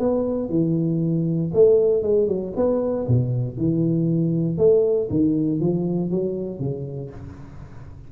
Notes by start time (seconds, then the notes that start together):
0.00 B3
0.50 E3
1.54 A3
2.03 G#3
2.28 F#3
2.57 B3
3.09 B2
3.58 E3
4.58 A3
5.11 D#3
5.60 F3
6.11 F#3
6.60 C#3